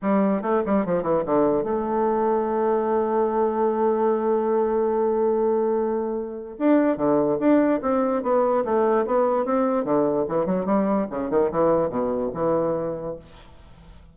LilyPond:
\new Staff \with { instrumentName = "bassoon" } { \time 4/4 \tempo 4 = 146 g4 a8 g8 f8 e8 d4 | a1~ | a1~ | a1 |
d'4 d4 d'4 c'4 | b4 a4 b4 c'4 | d4 e8 fis8 g4 cis8 dis8 | e4 b,4 e2 | }